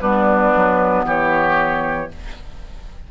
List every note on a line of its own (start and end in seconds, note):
0.00 0.53 G3
0.00 2.08 B3
0.00 1.05 D4
0.00 1.03 B4
0.55 1.04 F#3
1.04 2.08 E3
1.04 2.09 G4
1.04 2.11 C#5